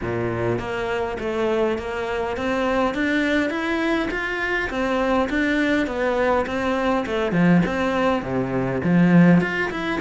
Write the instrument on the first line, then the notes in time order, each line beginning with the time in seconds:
cello
0.01 A#2
0.58 A#3
1.19 A3
1.78 A#3
2.36 C4
2.94 D4
3.50 E4
4.10 F4
4.70 C4
5.29 D4
5.86 B3
6.46 C4
7.06 A3
7.32 F3
7.65 C4
8.22 C3
8.83 F3
9.41 F4
9.71 E4